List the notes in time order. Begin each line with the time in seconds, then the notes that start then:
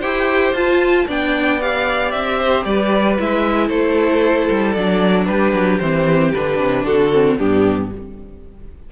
0.00 E4 G4 C5 G5
0.53 F4 A5
1.07 B3 D4 D5 G5
1.62 G4 F5
2.11 C4 E5
2.39 C5
2.65 G3 B4 D5
3.19 G#3 E4 E5
3.68 A3 A4 C5
4.51 G3
4.74 F#3 D4 D5
5.26 G3 G4 B4
5.53 F#3
5.79 E3 C4 C5
6.34 D3 D4 B4
6.60 C3
6.85 D3 F#4 A4
7.13 C4
7.38 G2 B3 D4 G4